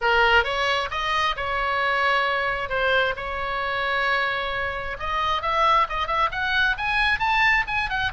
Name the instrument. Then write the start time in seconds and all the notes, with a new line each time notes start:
oboe
0.01 A#4
0.44 C#5
0.90 D#5
1.36 C#5
2.69 C5
3.16 C#5
4.99 D#5
5.42 E5
5.89 D#5
6.07 E5
6.31 F#5
6.77 G#5
7.19 A5
7.67 G#5
7.89 F#5